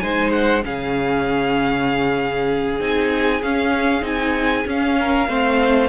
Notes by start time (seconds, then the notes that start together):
0.00 G#3 D#4 C5 G#5
0.32 F#5
0.64 C#3 C#4 G#4 F5
2.80 C4 D#4 G#5
3.43 C#4 F5
4.02 C4 D#4 G#5
4.66 C#4 F5
4.99 A#4
5.29 A3 C4 C5